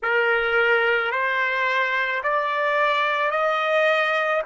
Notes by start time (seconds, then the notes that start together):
0.02 A#4
1.11 C5
2.23 D5
3.30 D#5